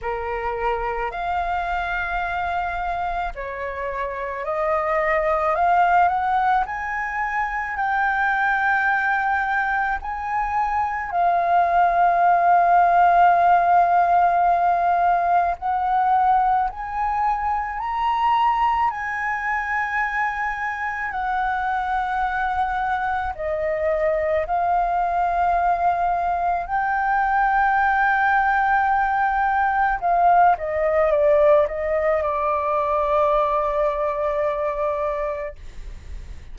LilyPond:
\new Staff \with { instrumentName = "flute" } { \time 4/4 \tempo 4 = 54 ais'4 f''2 cis''4 | dis''4 f''8 fis''8 gis''4 g''4~ | g''4 gis''4 f''2~ | f''2 fis''4 gis''4 |
ais''4 gis''2 fis''4~ | fis''4 dis''4 f''2 | g''2. f''8 dis''8 | d''8 dis''8 d''2. | }